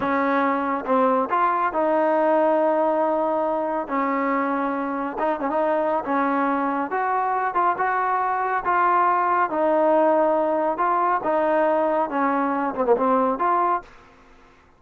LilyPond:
\new Staff \with { instrumentName = "trombone" } { \time 4/4 \tempo 4 = 139 cis'2 c'4 f'4 | dis'1~ | dis'4 cis'2. | dis'8 cis'16 dis'4~ dis'16 cis'2 |
fis'4. f'8 fis'2 | f'2 dis'2~ | dis'4 f'4 dis'2 | cis'4. c'16 ais16 c'4 f'4 | }